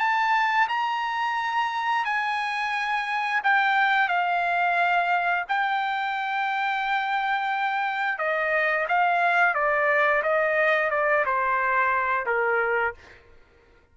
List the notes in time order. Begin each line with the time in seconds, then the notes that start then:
0.00 A5
0.69 A#5
2.05 G#5
3.44 G5
4.09 F5
5.49 G5
8.19 D#5
8.89 F5
9.55 D5
10.23 D#5
10.91 D5
11.26 C5
12.27 A#4